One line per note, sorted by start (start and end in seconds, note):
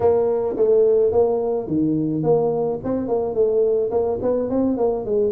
0.00 0.56 A#3
0.56 1.12 A3
1.12 1.67 A#3
1.67 2.23 D#3
2.23 2.79 A#3
2.84 3.07 C4
3.07 3.34 A#3
3.34 3.90 A3
3.90 4.19 A#3
4.22 4.49 B3
4.49 4.77 C4
4.77 5.05 A#3
5.05 5.32 G#3